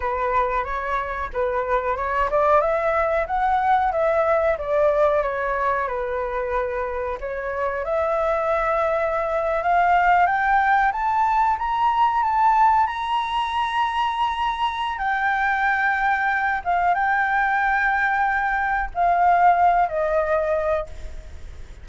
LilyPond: \new Staff \with { instrumentName = "flute" } { \time 4/4 \tempo 4 = 92 b'4 cis''4 b'4 cis''8 d''8 | e''4 fis''4 e''4 d''4 | cis''4 b'2 cis''4 | e''2~ e''8. f''4 g''16~ |
g''8. a''4 ais''4 a''4 ais''16~ | ais''2. g''4~ | g''4. f''8 g''2~ | g''4 f''4. dis''4. | }